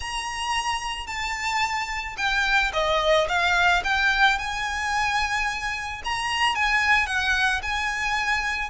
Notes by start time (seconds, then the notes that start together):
0.00 A#5
1.06 A5
2.17 G5
2.73 D#5
3.28 F5
3.84 G5
4.38 G#5
6.04 A#5
6.55 G#5
7.06 F#5
7.62 G#5